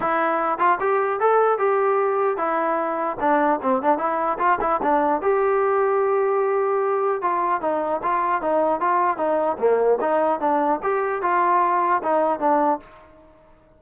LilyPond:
\new Staff \with { instrumentName = "trombone" } { \time 4/4 \tempo 4 = 150 e'4. f'8 g'4 a'4 | g'2 e'2 | d'4 c'8 d'8 e'4 f'8 e'8 | d'4 g'2.~ |
g'2 f'4 dis'4 | f'4 dis'4 f'4 dis'4 | ais4 dis'4 d'4 g'4 | f'2 dis'4 d'4 | }